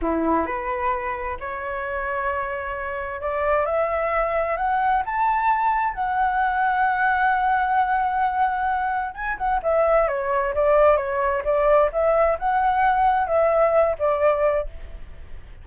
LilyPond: \new Staff \with { instrumentName = "flute" } { \time 4/4 \tempo 4 = 131 e'4 b'2 cis''4~ | cis''2. d''4 | e''2 fis''4 a''4~ | a''4 fis''2.~ |
fis''1 | gis''8 fis''8 e''4 cis''4 d''4 | cis''4 d''4 e''4 fis''4~ | fis''4 e''4. d''4. | }